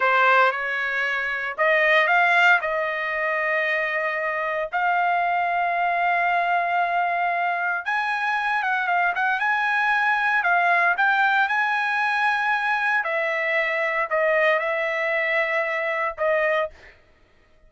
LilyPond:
\new Staff \with { instrumentName = "trumpet" } { \time 4/4 \tempo 4 = 115 c''4 cis''2 dis''4 | f''4 dis''2.~ | dis''4 f''2.~ | f''2. gis''4~ |
gis''8 fis''8 f''8 fis''8 gis''2 | f''4 g''4 gis''2~ | gis''4 e''2 dis''4 | e''2. dis''4 | }